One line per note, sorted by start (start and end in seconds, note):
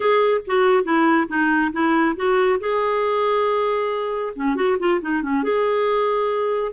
0.00 0.41 G#4
0.46 0.84 F#4
0.84 1.27 E4
1.28 1.71 D#4
1.72 2.16 E4
2.16 2.59 F#4
2.59 4.33 G#4
4.35 4.55 C#4
4.55 4.77 F#4
4.79 5.00 F4
5.01 5.22 D#4
5.22 5.43 C#4
5.43 6.72 G#4